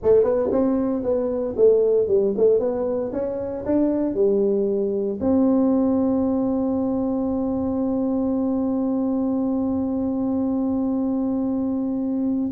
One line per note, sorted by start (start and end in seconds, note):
0.03 0.23 A3
0.23 0.49 B3
0.51 1.03 C4
1.03 1.55 B3
1.56 2.07 A3
2.07 2.33 G3
2.37 2.59 A3
2.59 3.11 B3
3.12 3.64 C#4
3.65 4.14 D4
4.14 5.18 G3
5.20 12.51 C4